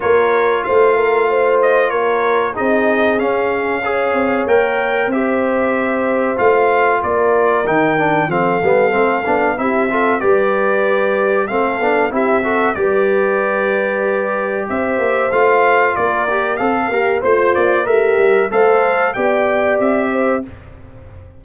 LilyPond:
<<
  \new Staff \with { instrumentName = "trumpet" } { \time 4/4 \tempo 4 = 94 cis''4 f''4. dis''8 cis''4 | dis''4 f''2 g''4 | e''2 f''4 d''4 | g''4 f''2 e''4 |
d''2 f''4 e''4 | d''2. e''4 | f''4 d''4 f''4 c''8 d''8 | e''4 f''4 g''4 e''4 | }
  \new Staff \with { instrumentName = "horn" } { \time 4/4 ais'4 c''8 ais'8 c''4 ais'4 | gis'2 cis''2 | c''2. ais'4~ | ais'4 a'2 g'8 a'8 |
b'2 a'4 g'8 a'8 | b'2. c''4~ | c''4 ais'4 a'8 g'8 f'4 | g'4 c''4 d''4. c''8 | }
  \new Staff \with { instrumentName = "trombone" } { \time 4/4 f'1 | dis'4 cis'4 gis'4 ais'4 | g'2 f'2 | dis'8 d'8 c'8 b8 c'8 d'8 e'8 f'8 |
g'2 c'8 d'8 e'8 fis'8 | g'1 | f'4. g'8 a'8 ais'8 c''4 | ais'4 a'4 g'2 | }
  \new Staff \with { instrumentName = "tuba" } { \time 4/4 ais4 a2 ais4 | c'4 cis'4. c'8 ais4 | c'2 a4 ais4 | dis4 f8 g8 a8 b8 c'4 |
g2 a8 b8 c'4 | g2. c'8 ais8 | a4 ais4 c'8 ais8 a8 ais8 | a8 g8 a4 b4 c'4 | }
>>